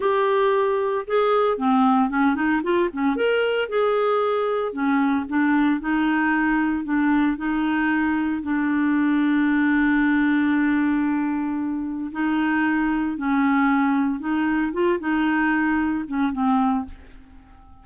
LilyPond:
\new Staff \with { instrumentName = "clarinet" } { \time 4/4 \tempo 4 = 114 g'2 gis'4 c'4 | cis'8 dis'8 f'8 cis'8 ais'4 gis'4~ | gis'4 cis'4 d'4 dis'4~ | dis'4 d'4 dis'2 |
d'1~ | d'2. dis'4~ | dis'4 cis'2 dis'4 | f'8 dis'2 cis'8 c'4 | }